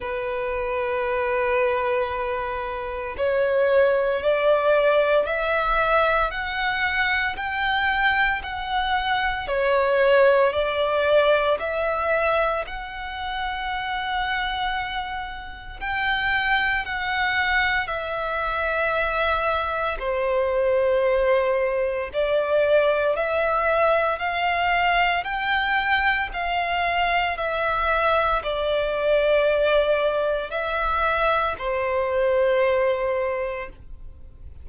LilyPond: \new Staff \with { instrumentName = "violin" } { \time 4/4 \tempo 4 = 57 b'2. cis''4 | d''4 e''4 fis''4 g''4 | fis''4 cis''4 d''4 e''4 | fis''2. g''4 |
fis''4 e''2 c''4~ | c''4 d''4 e''4 f''4 | g''4 f''4 e''4 d''4~ | d''4 e''4 c''2 | }